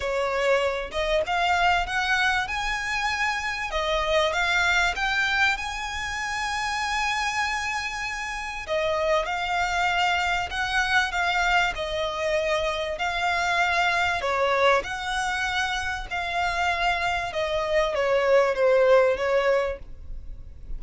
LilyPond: \new Staff \with { instrumentName = "violin" } { \time 4/4 \tempo 4 = 97 cis''4. dis''8 f''4 fis''4 | gis''2 dis''4 f''4 | g''4 gis''2.~ | gis''2 dis''4 f''4~ |
f''4 fis''4 f''4 dis''4~ | dis''4 f''2 cis''4 | fis''2 f''2 | dis''4 cis''4 c''4 cis''4 | }